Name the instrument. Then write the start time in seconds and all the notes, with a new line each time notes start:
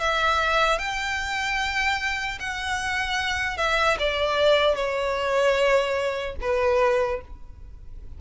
violin
0.00 E5
0.78 G5
2.40 F#5
3.57 E5
3.99 D5
4.75 C#5
6.41 B4